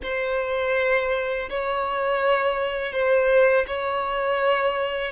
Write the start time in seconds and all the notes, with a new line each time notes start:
0.02 C5
1.49 C#5
2.92 C5
3.67 C#5